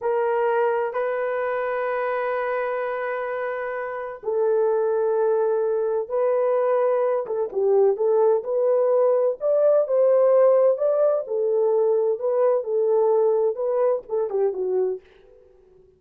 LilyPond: \new Staff \with { instrumentName = "horn" } { \time 4/4 \tempo 4 = 128 ais'2 b'2~ | b'1~ | b'4 a'2.~ | a'4 b'2~ b'8 a'8 |
g'4 a'4 b'2 | d''4 c''2 d''4 | a'2 b'4 a'4~ | a'4 b'4 a'8 g'8 fis'4 | }